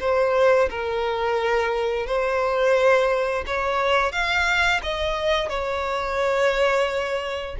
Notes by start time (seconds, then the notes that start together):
0.00 C5
0.70 A#4
2.06 C5
3.46 C#5
4.12 F5
4.83 D#5
5.49 C#5